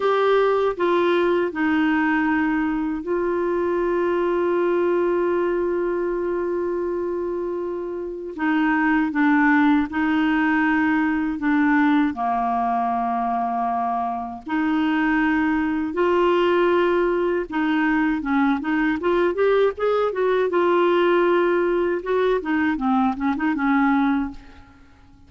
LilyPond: \new Staff \with { instrumentName = "clarinet" } { \time 4/4 \tempo 4 = 79 g'4 f'4 dis'2 | f'1~ | f'2. dis'4 | d'4 dis'2 d'4 |
ais2. dis'4~ | dis'4 f'2 dis'4 | cis'8 dis'8 f'8 g'8 gis'8 fis'8 f'4~ | f'4 fis'8 dis'8 c'8 cis'16 dis'16 cis'4 | }